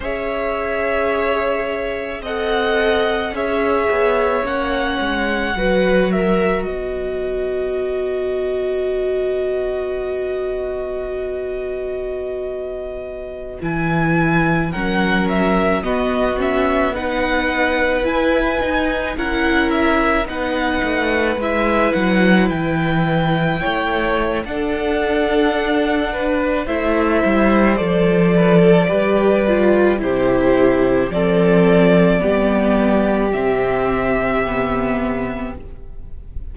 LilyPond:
<<
  \new Staff \with { instrumentName = "violin" } { \time 4/4 \tempo 4 = 54 e''2 fis''4 e''4 | fis''4. e''8 dis''2~ | dis''1~ | dis''16 gis''4 fis''8 e''8 dis''8 e''8 fis''8.~ |
fis''16 gis''4 fis''8 e''8 fis''4 e''8 fis''16~ | fis''16 g''4.~ g''16 fis''2 | e''4 d''2 c''4 | d''2 e''2 | }
  \new Staff \with { instrumentName = "violin" } { \time 4/4 cis''2 dis''4 cis''4~ | cis''4 b'8 ais'8 b'2~ | b'1~ | b'4~ b'16 ais'4 fis'4 b'8.~ |
b'4~ b'16 ais'4 b'4.~ b'16~ | b'4~ b'16 cis''8. a'4. b'8 | c''4. b'16 a'16 b'4 g'4 | a'4 g'2. | }
  \new Staff \with { instrumentName = "viola" } { \time 4/4 gis'2 a'4 gis'4 | cis'4 fis'2.~ | fis'1~ | fis'16 e'4 cis'4 b8 cis'8 dis'8.~ |
dis'16 e'8 dis'8 e'4 dis'4 e'8.~ | e'2 d'2 | e'4 a'4 g'8 f'8 e'4 | c'4 b4 c'4 b4 | }
  \new Staff \with { instrumentName = "cello" } { \time 4/4 cis'2 c'4 cis'8 b8 | ais8 gis8 fis4 b2~ | b1~ | b16 e4 fis4 b4.~ b16~ |
b16 e'8 dis'8 cis'4 b8 a8 gis8 fis16~ | fis16 e4 a8. d'2 | a8 g8 f4 g4 c4 | f4 g4 c2 | }
>>